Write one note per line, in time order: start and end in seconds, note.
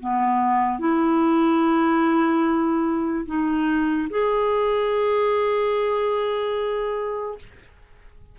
0.00 0.79 B3
0.79 3.26 E4
3.26 4.08 D#4
4.10 7.39 G#4